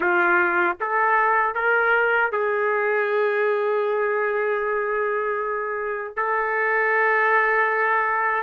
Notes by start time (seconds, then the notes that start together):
0.00 F4
0.80 A4
1.55 A#4
2.31 G#4
6.16 A4